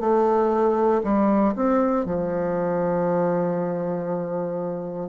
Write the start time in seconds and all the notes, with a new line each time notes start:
0.00 A3
1.04 G3
1.56 C4
2.06 F3